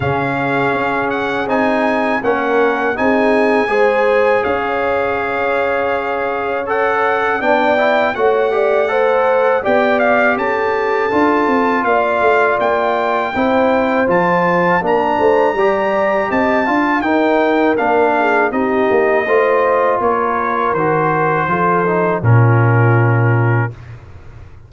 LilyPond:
<<
  \new Staff \with { instrumentName = "trumpet" } { \time 4/4 \tempo 4 = 81 f''4. fis''8 gis''4 fis''4 | gis''2 f''2~ | f''4 fis''4 g''4 fis''4~ | fis''4 g''8 f''8 a''2 |
f''4 g''2 a''4 | ais''2 a''4 g''4 | f''4 dis''2 cis''4 | c''2 ais'2 | }
  \new Staff \with { instrumentName = "horn" } { \time 4/4 gis'2. ais'4 | gis'4 c''4 cis''2~ | cis''2 d''4 cis''8 d''8 | c''4 d''4 a'2 |
d''2 c''2 | ais'8 c''8 d''4 dis''8 f''8 ais'4~ | ais'8 gis'8 g'4 c''4 ais'4~ | ais'4 a'4 f'2 | }
  \new Staff \with { instrumentName = "trombone" } { \time 4/4 cis'2 dis'4 cis'4 | dis'4 gis'2.~ | gis'4 a'4 d'8 e'8 fis'8 g'8 | a'4 g'2 f'4~ |
f'2 e'4 f'4 | d'4 g'4. f'8 dis'4 | d'4 dis'4 f'2 | fis'4 f'8 dis'8 cis'2 | }
  \new Staff \with { instrumentName = "tuba" } { \time 4/4 cis4 cis'4 c'4 ais4 | c'4 gis4 cis'2~ | cis'2 b4 a4~ | a4 b4 cis'4 d'8 c'8 |
ais8 a8 ais4 c'4 f4 | ais8 a8 g4 c'8 d'8 dis'4 | ais4 c'8 ais8 a4 ais4 | dis4 f4 ais,2 | }
>>